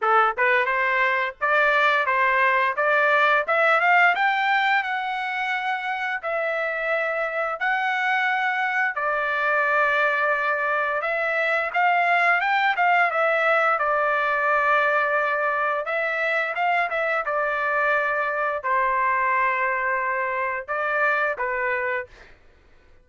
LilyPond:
\new Staff \with { instrumentName = "trumpet" } { \time 4/4 \tempo 4 = 87 a'8 b'8 c''4 d''4 c''4 | d''4 e''8 f''8 g''4 fis''4~ | fis''4 e''2 fis''4~ | fis''4 d''2. |
e''4 f''4 g''8 f''8 e''4 | d''2. e''4 | f''8 e''8 d''2 c''4~ | c''2 d''4 b'4 | }